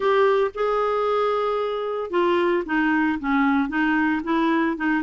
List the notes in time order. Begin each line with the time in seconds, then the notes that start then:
0.00 G4
0.54 G#4
2.10 F4
2.65 D#4
3.19 C#4
3.68 D#4
4.23 E4
4.76 D#4